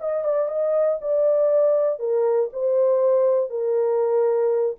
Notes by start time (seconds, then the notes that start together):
0.00 D#5
0.25 D5
0.49 D#5
1.01 D5
1.99 A#4
2.53 C5
3.50 A#4